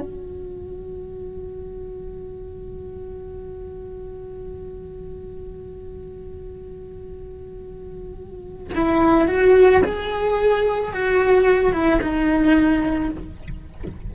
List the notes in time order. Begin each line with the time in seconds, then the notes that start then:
0.00 F#4
8.75 E4
9.27 F#4
9.84 G#4
10.92 F#4
11.72 E4
12.01 D#4